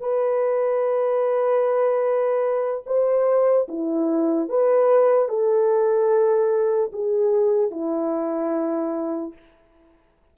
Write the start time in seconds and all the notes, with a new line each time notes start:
0.00 B4
2.86 C5
3.68 E4
4.49 B4
5.29 A4
6.93 G#4
7.71 E4